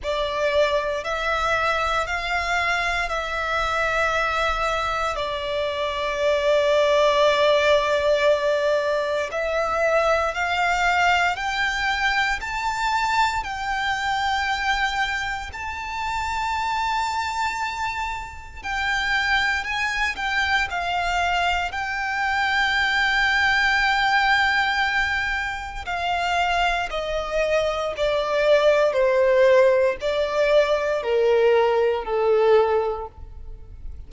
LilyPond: \new Staff \with { instrumentName = "violin" } { \time 4/4 \tempo 4 = 58 d''4 e''4 f''4 e''4~ | e''4 d''2.~ | d''4 e''4 f''4 g''4 | a''4 g''2 a''4~ |
a''2 g''4 gis''8 g''8 | f''4 g''2.~ | g''4 f''4 dis''4 d''4 | c''4 d''4 ais'4 a'4 | }